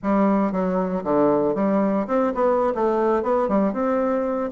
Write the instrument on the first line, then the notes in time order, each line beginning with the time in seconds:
bassoon
0.02 G3
0.51 F#3
1.04 D3
1.54 G3
2.07 C4
2.34 B3
2.75 A3
3.23 B3
3.48 G3
3.73 C4